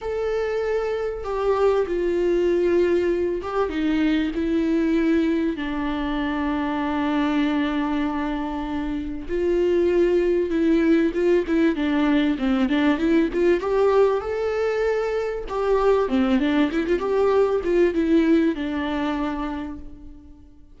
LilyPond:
\new Staff \with { instrumentName = "viola" } { \time 4/4 \tempo 4 = 97 a'2 g'4 f'4~ | f'4. g'8 dis'4 e'4~ | e'4 d'2.~ | d'2. f'4~ |
f'4 e'4 f'8 e'8 d'4 | c'8 d'8 e'8 f'8 g'4 a'4~ | a'4 g'4 c'8 d'8 e'16 f'16 g'8~ | g'8 f'8 e'4 d'2 | }